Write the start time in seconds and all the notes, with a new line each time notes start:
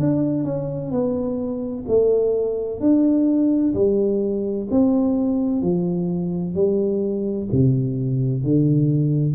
0.00 D4
0.45 C#4
0.92 B3
1.88 A3
2.80 D4
3.75 G3
4.71 C4
5.62 F3
6.55 G3
7.52 C3
8.44 D3